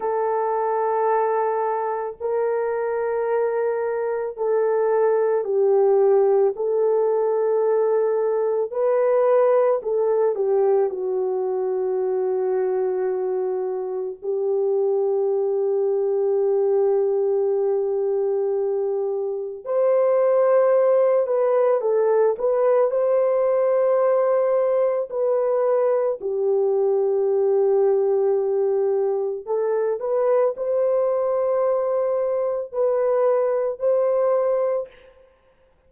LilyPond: \new Staff \with { instrumentName = "horn" } { \time 4/4 \tempo 4 = 55 a'2 ais'2 | a'4 g'4 a'2 | b'4 a'8 g'8 fis'2~ | fis'4 g'2.~ |
g'2 c''4. b'8 | a'8 b'8 c''2 b'4 | g'2. a'8 b'8 | c''2 b'4 c''4 | }